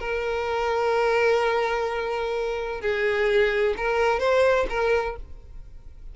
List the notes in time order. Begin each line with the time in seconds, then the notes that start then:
0.00 A#4
2.81 G#4
3.77 A#4
4.20 C5
4.70 A#4